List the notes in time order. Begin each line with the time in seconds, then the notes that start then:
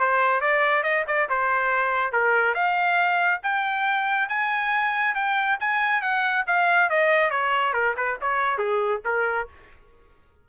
0.00 C5
0.41 D5
0.83 D#5
1.08 D5
1.29 C5
2.13 A#4
2.55 F5
3.43 G5
4.29 G#5
5.15 G5
5.60 G#5
6.02 F#5
6.47 F5
6.90 D#5
7.31 C#5
7.74 A#4
7.97 B4
8.22 C#5
8.58 G#4
9.05 A#4